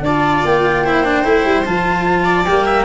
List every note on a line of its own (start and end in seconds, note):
0.00 0.40 D4
0.00 0.84 D5
0.00 0.46 A5
0.07 0.86 F4
0.45 1.25 A#3
0.45 1.65 G5
0.84 1.05 E4
0.84 2.24 C5
1.05 1.24 D4
1.24 1.45 A3
1.24 1.64 E4
1.45 1.65 G3
1.65 2.47 F3
1.65 2.45 F4
1.65 2.45 A5
2.24 2.65 D5
2.45 2.85 G3
2.45 2.85 A#3
2.45 2.85 G5
2.65 2.85 E5